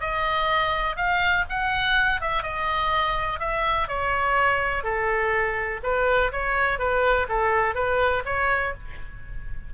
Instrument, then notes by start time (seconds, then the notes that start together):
oboe
0.00 D#5
0.96 F5
1.49 F#5
2.21 E5
2.42 D#5
3.39 E5
3.88 C#5
4.83 A4
5.83 B4
6.32 C#5
6.79 B4
7.28 A4
7.74 B4
8.25 C#5